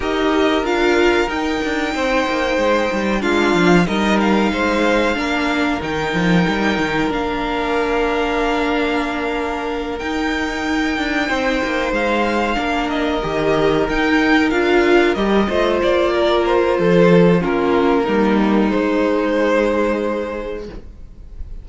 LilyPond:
<<
  \new Staff \with { instrumentName = "violin" } { \time 4/4 \tempo 4 = 93 dis''4 f''4 g''2~ | g''4 f''4 dis''8 f''4.~ | f''4 g''2 f''4~ | f''2.~ f''8 g''8~ |
g''2~ g''8 f''4. | dis''4. g''4 f''4 dis''8~ | dis''8 d''4 c''4. ais'4~ | ais'4 c''2. | }
  \new Staff \with { instrumentName = "violin" } { \time 4/4 ais'2. c''4~ | c''4 f'4 ais'4 c''4 | ais'1~ | ais'1~ |
ais'4. c''2 ais'8~ | ais'1 | c''4 ais'4 a'4 f'4 | dis'1 | }
  \new Staff \with { instrumentName = "viola" } { \time 4/4 g'4 f'4 dis'2~ | dis'4 d'4 dis'2 | d'4 dis'2 d'4~ | d'2.~ d'8 dis'8~ |
dis'2.~ dis'8 d'8~ | d'8 g'4 dis'4 f'4 g'8 | f'2. cis'4 | ais4 gis2. | }
  \new Staff \with { instrumentName = "cello" } { \time 4/4 dis'4 d'4 dis'8 d'8 c'8 ais8 | gis8 g8 gis8 f8 g4 gis4 | ais4 dis8 f8 g8 dis8 ais4~ | ais2.~ ais8 dis'8~ |
dis'4 d'8 c'8 ais8 gis4 ais8~ | ais8 dis4 dis'4 d'4 g8 | a8 ais4. f4 ais4 | g4 gis2. | }
>>